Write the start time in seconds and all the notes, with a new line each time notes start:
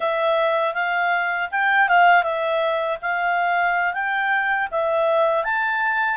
0.00 E5
0.74 F5
1.51 G5
1.88 F5
2.23 E5
3.01 F5
3.93 G5
4.71 E5
5.43 A5